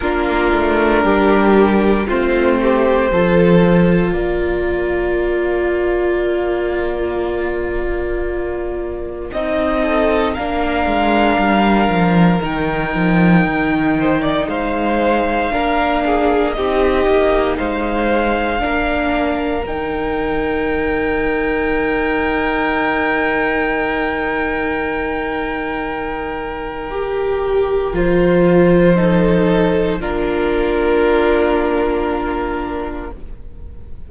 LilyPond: <<
  \new Staff \with { instrumentName = "violin" } { \time 4/4 \tempo 4 = 58 ais'2 c''2 | d''1~ | d''4 dis''4 f''2 | g''2 f''2 |
dis''4 f''2 g''4~ | g''1~ | g''2. c''4~ | c''4 ais'2. | }
  \new Staff \with { instrumentName = "violin" } { \time 4/4 f'4 g'4 f'8 g'8 a'4 | ais'1~ | ais'4. a'8 ais'2~ | ais'4. c''16 d''16 c''4 ais'8 gis'8 |
g'4 c''4 ais'2~ | ais'1~ | ais'1 | a'4 f'2. | }
  \new Staff \with { instrumentName = "viola" } { \time 4/4 d'2 c'4 f'4~ | f'1~ | f'4 dis'4 d'2 | dis'2. d'4 |
dis'2 d'4 dis'4~ | dis'1~ | dis'2 g'4 f'4 | dis'4 d'2. | }
  \new Staff \with { instrumentName = "cello" } { \time 4/4 ais8 a8 g4 a4 f4 | ais1~ | ais4 c'4 ais8 gis8 g8 f8 | dis8 f8 dis4 gis4 ais4 |
c'8 ais8 gis4 ais4 dis4~ | dis1~ | dis2. f4~ | f4 ais2. | }
>>